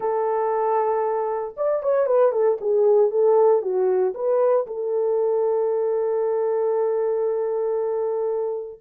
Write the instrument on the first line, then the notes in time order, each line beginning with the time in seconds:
horn
0.00 A4
1.57 D5
1.82 C#5
2.06 B4
2.32 A4
2.60 G#4
3.10 A4
3.61 F#4
4.14 B4
4.66 A4